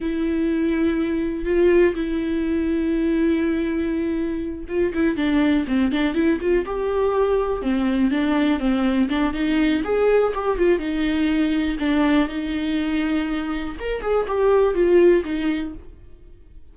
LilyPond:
\new Staff \with { instrumentName = "viola" } { \time 4/4 \tempo 4 = 122 e'2. f'4 | e'1~ | e'4. f'8 e'8 d'4 c'8 | d'8 e'8 f'8 g'2 c'8~ |
c'8 d'4 c'4 d'8 dis'4 | gis'4 g'8 f'8 dis'2 | d'4 dis'2. | ais'8 gis'8 g'4 f'4 dis'4 | }